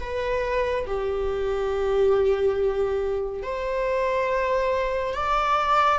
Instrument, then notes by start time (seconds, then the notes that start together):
viola
0.00 B4
0.87 G4
3.43 C5
5.14 D5